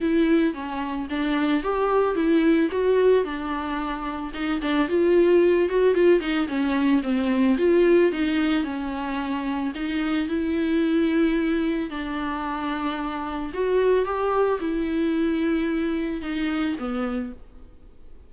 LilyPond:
\new Staff \with { instrumentName = "viola" } { \time 4/4 \tempo 4 = 111 e'4 cis'4 d'4 g'4 | e'4 fis'4 d'2 | dis'8 d'8 f'4. fis'8 f'8 dis'8 | cis'4 c'4 f'4 dis'4 |
cis'2 dis'4 e'4~ | e'2 d'2~ | d'4 fis'4 g'4 e'4~ | e'2 dis'4 b4 | }